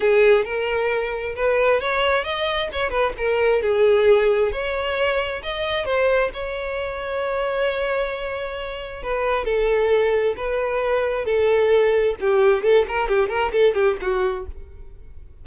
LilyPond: \new Staff \with { instrumentName = "violin" } { \time 4/4 \tempo 4 = 133 gis'4 ais'2 b'4 | cis''4 dis''4 cis''8 b'8 ais'4 | gis'2 cis''2 | dis''4 c''4 cis''2~ |
cis''1 | b'4 a'2 b'4~ | b'4 a'2 g'4 | a'8 ais'8 g'8 ais'8 a'8 g'8 fis'4 | }